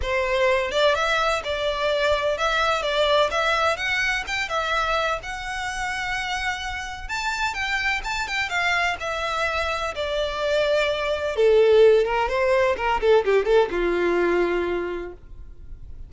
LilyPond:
\new Staff \with { instrumentName = "violin" } { \time 4/4 \tempo 4 = 127 c''4. d''8 e''4 d''4~ | d''4 e''4 d''4 e''4 | fis''4 g''8 e''4. fis''4~ | fis''2. a''4 |
g''4 a''8 g''8 f''4 e''4~ | e''4 d''2. | a'4. ais'8 c''4 ais'8 a'8 | g'8 a'8 f'2. | }